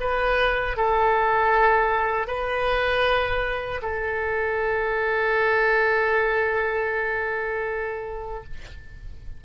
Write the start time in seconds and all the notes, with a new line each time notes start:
0.00 B4
0.77 A4
2.27 B4
3.82 A4